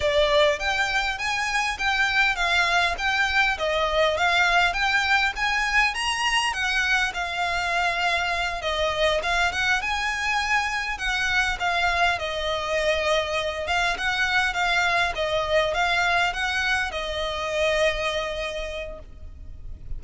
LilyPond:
\new Staff \with { instrumentName = "violin" } { \time 4/4 \tempo 4 = 101 d''4 g''4 gis''4 g''4 | f''4 g''4 dis''4 f''4 | g''4 gis''4 ais''4 fis''4 | f''2~ f''8 dis''4 f''8 |
fis''8 gis''2 fis''4 f''8~ | f''8 dis''2~ dis''8 f''8 fis''8~ | fis''8 f''4 dis''4 f''4 fis''8~ | fis''8 dis''2.~ dis''8 | }